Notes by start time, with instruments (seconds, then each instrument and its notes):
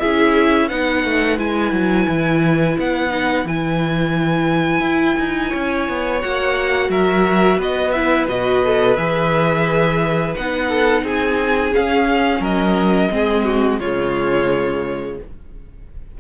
0.00 cello C#4, viola E4, violin G#4 E5
0.67 cello B3, viola D#4, violin B4 F#5
1.05 cello A3
1.38 cello G#3, viola E4, violin G#5
1.72 cello F#3
2.08 cello E3
2.79 cello B3, violin F#5
3.10 viola D#4
3.45 cello E3, viola E4, violin G#5
4.81 cello E4
5.19 cello D#4
5.50 cello C#4, violin C#5
5.89 cello B3
6.21 cello A#3, viola F#4, violin F#5
6.89 cello F#3, violin A#4 E5
7.57 cello B3, violin B4 D#5
7.91 viola E4, violin E5
8.29 cello B2, viola F#4, violin D#5
8.64 viola A4
8.97 cello E3, viola G#4, violin E5
10.36 cello B3, viola D#4, violin F#5
10.69 violin A4
11.03 cello C4, violin G#4 G#5
11.73 viola C#4, cello C#4, violin F5
12.40 cello F#3, violin A#4 D#5
13.11 cello G#3, viola C4, violin G#4
13.45 violin F#4
13.80 cello C#3, viola G#3, violin F4 C#5